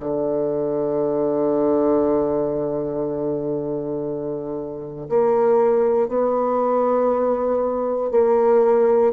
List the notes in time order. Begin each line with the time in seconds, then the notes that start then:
0.00 D3
5.09 A#3
6.08 B3
8.11 A#3